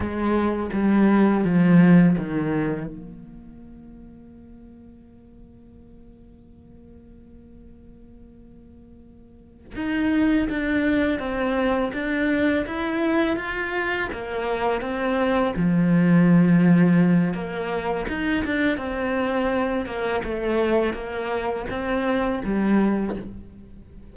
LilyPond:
\new Staff \with { instrumentName = "cello" } { \time 4/4 \tempo 4 = 83 gis4 g4 f4 dis4 | ais1~ | ais1~ | ais4. dis'4 d'4 c'8~ |
c'8 d'4 e'4 f'4 ais8~ | ais8 c'4 f2~ f8 | ais4 dis'8 d'8 c'4. ais8 | a4 ais4 c'4 g4 | }